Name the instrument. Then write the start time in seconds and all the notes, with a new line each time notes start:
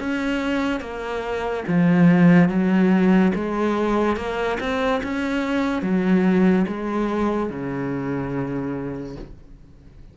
cello
0.00 C#4
0.81 A#3
1.68 F3
2.49 F#3
3.35 G#3
4.17 A#3
4.60 C4
5.04 C#4
5.83 F#3
6.68 G#3
7.50 C#3